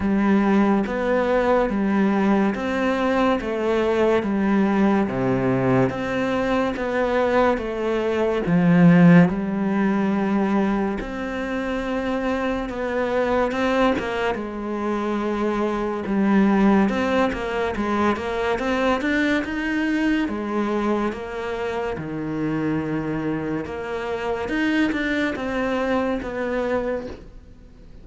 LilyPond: \new Staff \with { instrumentName = "cello" } { \time 4/4 \tempo 4 = 71 g4 b4 g4 c'4 | a4 g4 c4 c'4 | b4 a4 f4 g4~ | g4 c'2 b4 |
c'8 ais8 gis2 g4 | c'8 ais8 gis8 ais8 c'8 d'8 dis'4 | gis4 ais4 dis2 | ais4 dis'8 d'8 c'4 b4 | }